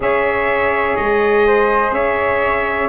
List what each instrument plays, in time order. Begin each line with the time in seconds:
0.00 tuba C#4, saxophone G#4, flute C#5, trumpet E5
0.96 tuba G#3, trumpet D#5
1.47 flute C5
1.91 tuba C#4, flute C#5, trumpet E5